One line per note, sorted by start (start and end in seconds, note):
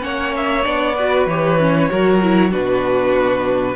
0.00 0.65 A#3
0.00 0.62 C#4
0.00 0.96 C#5
0.00 0.34 F#5
0.36 0.65 E5
0.63 1.26 B3
0.63 0.94 D4
0.63 1.27 D5
0.96 1.30 F#4
0.96 1.90 B4
1.26 1.89 E3
1.26 1.60 G4
1.26 2.52 C#5
1.60 1.89 C#4
1.89 2.54 F#3
1.89 2.21 F#4
1.89 2.51 A#4
2.22 2.51 E4
2.51 3.76 B2
2.51 3.76 D4
2.51 3.76 F#4
2.51 3.76 B4